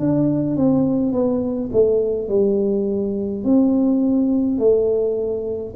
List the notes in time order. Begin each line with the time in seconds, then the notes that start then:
0.00 D4
0.57 C4
1.13 B3
1.73 A3
2.29 G3
3.44 C4
4.59 A3